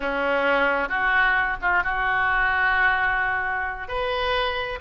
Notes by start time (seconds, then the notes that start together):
0.00 C#4
0.88 F#4
1.61 F4
1.83 F#4
3.88 B4